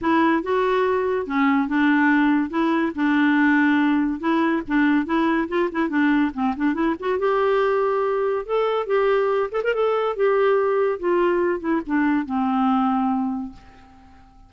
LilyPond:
\new Staff \with { instrumentName = "clarinet" } { \time 4/4 \tempo 4 = 142 e'4 fis'2 cis'4 | d'2 e'4 d'4~ | d'2 e'4 d'4 | e'4 f'8 e'8 d'4 c'8 d'8 |
e'8 fis'8 g'2. | a'4 g'4. a'16 ais'16 a'4 | g'2 f'4. e'8 | d'4 c'2. | }